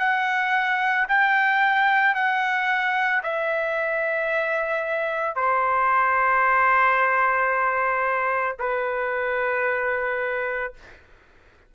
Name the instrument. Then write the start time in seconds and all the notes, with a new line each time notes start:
trumpet
0.00 F#5
1.09 G5
2.15 F#5
3.23 E5
5.36 C5
8.60 B4